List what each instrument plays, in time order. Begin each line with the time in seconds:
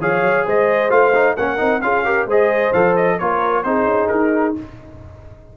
0.00 tuba F3, trombone G#4, horn C#5, trumpet F5
0.21 tuba F#3
0.45 tuba G#3, horn C5, trumpet D#5
0.89 tuba A3, trombone F4, trumpet F5
1.14 trombone D#4
1.36 tuba A#3, trombone C#4, horn A#4, trumpet F#5
1.57 tuba C4, trombone D#4
1.81 tuba C#4, trombone F4, horn G#4, trumpet F5
2.04 trombone G4, horn A#4
2.26 tuba G#3, trombone G#4, horn C5, trumpet D#5
2.72 tuba F3, trombone A4, trumpet F5
2.96 trumpet D#5
3.18 tuba A#3, trombone F4, horn A#4, trumpet C#5
3.63 tuba C4, trombone D#4, horn G#4, trumpet C5
3.84 tuba C#4
4.08 tuba D#4, trumpet A#4